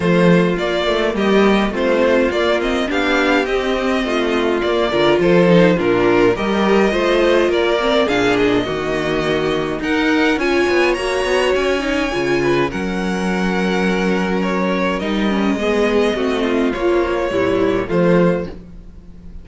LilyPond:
<<
  \new Staff \with { instrumentName = "violin" } { \time 4/4 \tempo 4 = 104 c''4 d''4 dis''4 c''4 | d''8 dis''8 f''4 dis''2 | d''4 c''4 ais'4 dis''4~ | dis''4 d''4 f''8 dis''4.~ |
dis''4 fis''4 gis''4 ais''4 | gis''2 fis''2~ | fis''4 cis''4 dis''2~ | dis''4 cis''2 c''4 | }
  \new Staff \with { instrumentName = "violin" } { \time 4/4 f'2 g'4 f'4~ | f'4 g'2 f'4~ | f'8 ais'8 a'4 f'4 ais'4 | c''4 ais'4 gis'4 fis'4~ |
fis'4 ais'4 cis''2~ | cis''4. b'8 ais'2~ | ais'2. gis'4 | fis'8 f'4. e'4 f'4 | }
  \new Staff \with { instrumentName = "viola" } { \time 4/4 a4 ais2 c'4 | ais8 c'8 d'4 c'2 | ais8 f'4 dis'8 d'4 g'4 | f'4. c'8 d'4 ais4~ |
ais4 dis'4 f'4 fis'4~ | fis'8 dis'8 f'4 cis'2~ | cis'2 dis'8 cis'8 b4 | c'4 f4 g4 a4 | }
  \new Staff \with { instrumentName = "cello" } { \time 4/4 f4 ais8 a8 g4 a4 | ais4 b4 c'4 a4 | ais8 d8 f4 ais,4 g4 | a4 ais4 ais,4 dis4~ |
dis4 dis'4 cis'8 b8 ais8 b8 | cis'4 cis4 fis2~ | fis2 g4 gis4 | a4 ais4 ais,4 f4 | }
>>